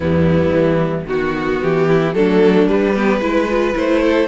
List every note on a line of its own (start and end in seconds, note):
0.00 0.52 E2
0.00 1.06 G3
0.00 1.06 B3
0.00 1.07 E4
0.52 1.05 E3
1.06 1.60 D#3
1.06 2.14 B3
1.06 1.61 F#4
1.06 1.88 F#4
1.61 2.14 E3
1.61 2.14 G4
1.88 2.15 E4
2.14 2.67 F#3
2.14 2.68 A3
2.14 2.92 D4
2.14 2.68 A4
2.67 3.21 G3
2.67 2.95 G3
2.67 3.75 B4
2.92 3.21 B3
2.92 3.19 G4
3.21 3.74 G#3
3.21 3.48 E4
3.21 4.02 B4
3.49 3.74 F4
3.74 4.28 A3
3.74 4.27 E4
3.74 4.28 C5
4.02 4.28 A4